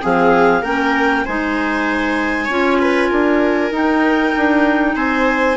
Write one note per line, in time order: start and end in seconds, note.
0.00 0.62 F3
0.00 0.62 C4
0.00 0.61 G#4
0.00 0.63 F5
0.61 1.24 A#3
0.61 1.26 C#4
0.61 1.23 A#4
0.61 1.25 G5
1.24 2.48 G#3
1.24 2.49 D#4
1.24 2.44 C5
1.24 3.73 G#5
2.44 3.10 C#4
2.44 3.71 F4
2.44 2.75 C#5
2.80 3.08 B4
3.08 3.71 D4
3.08 4.94 A#4
3.71 4.33 D#4
3.71 5.57 D#4
3.71 4.96 G5
4.36 4.95 D4
4.95 5.57 C4
4.95 5.57 C5
4.95 5.57 G#5